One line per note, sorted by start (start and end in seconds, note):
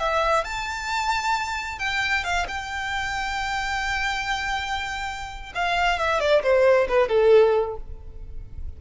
0.00 0.44 E5
0.44 1.79 A5
1.79 2.24 G5
2.24 2.47 F5
2.48 5.53 G5
5.55 5.99 F5
5.99 6.20 E5
6.20 6.43 D5
6.43 6.88 C5
6.88 7.09 B4
7.09 7.76 A4